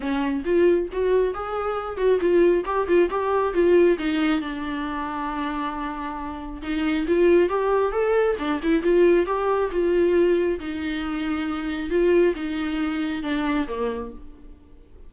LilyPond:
\new Staff \with { instrumentName = "viola" } { \time 4/4 \tempo 4 = 136 cis'4 f'4 fis'4 gis'4~ | gis'8 fis'8 f'4 g'8 f'8 g'4 | f'4 dis'4 d'2~ | d'2. dis'4 |
f'4 g'4 a'4 d'8 e'8 | f'4 g'4 f'2 | dis'2. f'4 | dis'2 d'4 ais4 | }